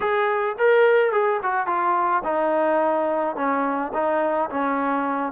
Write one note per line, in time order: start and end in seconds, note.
0.00 0.56 G#4
0.58 1.12 A#4
1.12 1.40 G#4
1.42 1.66 F#4
1.66 2.22 F4
2.24 3.35 D#4
3.35 3.92 C#4
3.93 4.49 D#4
4.50 5.32 C#4